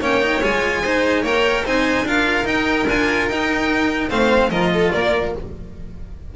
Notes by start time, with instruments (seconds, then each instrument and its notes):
0.00 double bass A#3, cello C#4, violin C#5 G5
0.21 cello D#4
0.43 double bass G#3, cello F4, violin G#5
0.82 cello D#4, violin C5
1.22 double bass A#3, cello A#4, violin C#5 G5
1.65 double bass C4, cello D#4, violin C5 G#5
2.03 double bass D4, cello F4, violin A#4 F5
2.45 cello D#4, double bass D#4, violin G5
2.88 double bass D4, cello F4, violin G#5
3.28 double bass D#4, cello D#4, violin G5
4.09 double bass A3, cello C4, violin C5 F5
4.50 double bass F3, cello F4, violin A#4 D#5
4.73 violin A4
4.92 double bass A#3, violin A#4 D5